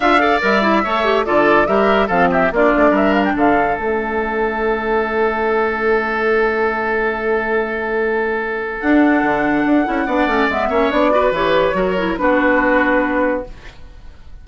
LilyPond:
<<
  \new Staff \with { instrumentName = "flute" } { \time 4/4 \tempo 4 = 143 f''4 e''2 d''4 | e''4 f''8 e''8 d''4 e''8 f''16 g''16 | f''4 e''2.~ | e''1~ |
e''1~ | e''4 fis''2.~ | fis''4 e''4 d''4 cis''4~ | cis''4 b'2. | }
  \new Staff \with { instrumentName = "oboe" } { \time 4/4 e''8 d''4. cis''4 a'4 | ais'4 a'8 g'8 f'4 ais'4 | a'1~ | a'1~ |
a'1~ | a'1 | d''4. cis''4 b'4. | ais'4 fis'2. | }
  \new Staff \with { instrumentName = "clarinet" } { \time 4/4 f'8 a'8 ais'8 e'8 a'8 g'8 f'4 | g'4 c'4 d'2~ | d'4 cis'2.~ | cis'1~ |
cis'1~ | cis'4 d'2~ d'8 e'8 | d'8 cis'8 b8 cis'8 d'8 fis'8 g'4 | fis'8 e'8 d'2. | }
  \new Staff \with { instrumentName = "bassoon" } { \time 4/4 d'4 g4 a4 d4 | g4 f4 ais8 a8 g4 | d4 a2.~ | a1~ |
a1~ | a4 d'4 d4 d'8 cis'8 | b8 a8 gis8 ais8 b4 e4 | fis4 b2. | }
>>